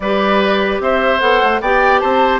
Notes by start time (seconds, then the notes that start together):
0.00 G3 G4 B4 D5
0.79 C4 C5 E5
1.20 B3 A4 F#5
1.42 A3
1.60 B3 G4 D5 G5
1.99 C4 C5 A5